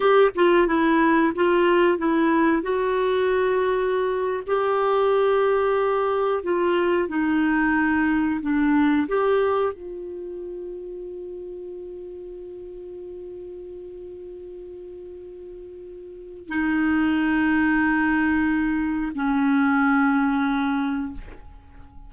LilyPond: \new Staff \with { instrumentName = "clarinet" } { \time 4/4 \tempo 4 = 91 g'8 f'8 e'4 f'4 e'4 | fis'2~ fis'8. g'4~ g'16~ | g'4.~ g'16 f'4 dis'4~ dis'16~ | dis'8. d'4 g'4 f'4~ f'16~ |
f'1~ | f'1~ | f'4 dis'2.~ | dis'4 cis'2. | }